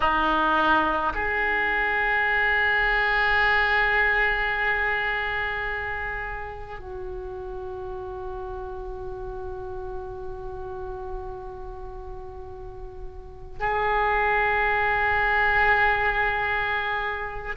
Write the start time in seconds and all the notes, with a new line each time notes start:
0.00 D#4
1.14 G#4
6.79 F#4
13.59 G#4